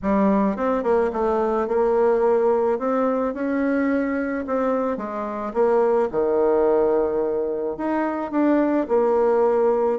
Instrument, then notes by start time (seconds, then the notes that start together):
bassoon
0.02 G3
0.56 C4
0.83 A#3
1.12 A3
1.67 A#3
2.79 C4
3.34 C#4
4.46 C4
4.97 G#3
5.53 A#3
6.11 D#3
7.77 D#4
8.31 D4
8.88 A#3